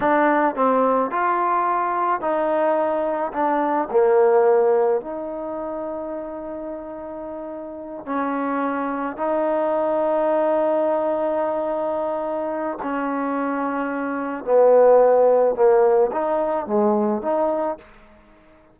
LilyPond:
\new Staff \with { instrumentName = "trombone" } { \time 4/4 \tempo 4 = 108 d'4 c'4 f'2 | dis'2 d'4 ais4~ | ais4 dis'2.~ | dis'2~ dis'8 cis'4.~ |
cis'8 dis'2.~ dis'8~ | dis'2. cis'4~ | cis'2 b2 | ais4 dis'4 gis4 dis'4 | }